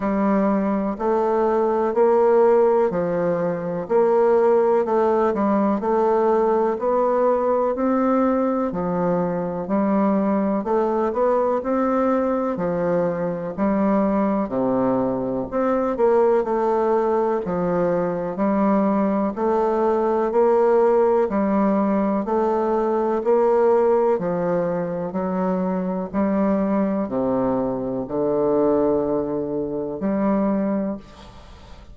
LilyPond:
\new Staff \with { instrumentName = "bassoon" } { \time 4/4 \tempo 4 = 62 g4 a4 ais4 f4 | ais4 a8 g8 a4 b4 | c'4 f4 g4 a8 b8 | c'4 f4 g4 c4 |
c'8 ais8 a4 f4 g4 | a4 ais4 g4 a4 | ais4 f4 fis4 g4 | c4 d2 g4 | }